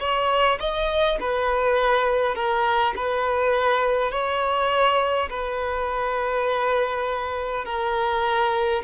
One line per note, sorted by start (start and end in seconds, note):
0.00 0.59 C#5
0.60 1.19 D#5
1.20 2.35 B4
2.35 2.94 A#4
2.96 4.11 B4
4.11 5.29 C#5
5.30 7.65 B4
7.65 8.83 A#4